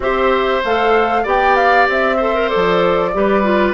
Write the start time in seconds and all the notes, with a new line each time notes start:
0.00 C4 G4 C5 E5
0.64 A3 A4 F5
1.23 B3 G4 D5 G5
1.56 F5
1.88 C4 E5
2.16 A4 C5
2.34 A#4
2.48 A4 D5
2.55 F3
3.13 G3 G4 B4
3.43 F4